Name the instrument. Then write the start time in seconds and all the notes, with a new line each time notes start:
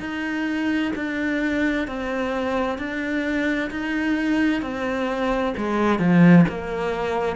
cello
0.00 D#4
0.95 D4
1.88 C4
2.78 D4
3.70 D#4
4.62 C4
5.57 G#3
5.99 F3
6.49 A#3